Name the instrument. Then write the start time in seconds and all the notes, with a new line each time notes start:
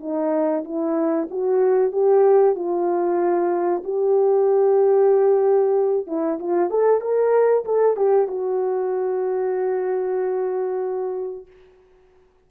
horn
0.00 D#4
0.64 E4
1.30 F#4
1.92 G4
2.55 F4
3.84 G4
6.07 E4
6.39 F4
6.70 A4
7.01 A#4
7.65 A4
7.96 G4
8.28 F#4